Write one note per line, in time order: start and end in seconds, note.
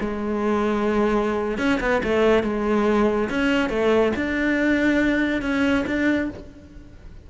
0.00 1.58 G#3
1.58 1.79 C#4
1.80 2.02 B3
2.03 2.43 A3
2.43 3.29 G#3
3.29 3.69 C#4
3.69 4.12 A3
4.16 5.42 D4
5.42 5.85 C#4
5.86 6.29 D4